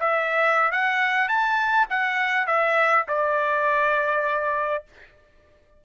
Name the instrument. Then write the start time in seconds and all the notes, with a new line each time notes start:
trumpet
0.00 E5
0.72 F#5
1.29 A5
1.90 F#5
2.47 E5
3.08 D5